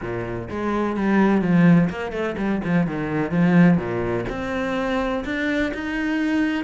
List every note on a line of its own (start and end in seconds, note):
0.01 0.48 A#2
0.50 0.96 G#3
0.96 1.41 G3
1.41 1.89 F3
1.89 2.11 A#3
2.11 2.35 A3
2.37 2.61 G3
2.64 2.86 F3
2.86 3.31 D#3
3.31 3.77 F3
3.77 4.25 A#2
4.29 5.24 C4
5.24 5.72 D4
5.74 6.64 D#4